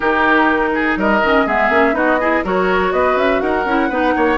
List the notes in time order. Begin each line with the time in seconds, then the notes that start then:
0.00 D#3 D#4 G4 A#4
0.74 G#4
0.96 G3 A#4 D#5
1.22 D#3 C#4
1.46 G#3 B3 G#4 E5
1.69 A#3 C#4
1.93 B3 D#4 F#4 D#5
2.19 E4 G#4
2.44 F#3 F#4 A#4 C#5
2.92 B3 B4 D#5
3.16 C#4 E5
3.40 D#4 A#4 F#5
3.65 C#4 E4
3.89 B3 D#4 B4
4.16 A#3 C#5